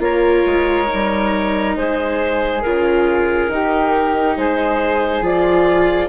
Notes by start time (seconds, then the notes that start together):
0.00 A#3 F4 A#4 C#5
0.46 G#3
0.87 D#4
0.94 G3
1.76 G#3 G#4 C5
2.62 C#3 F4 A#4
3.48 D#3 D#4 G4
4.37 G#3 G#4 C5
5.22 F3 F4 D5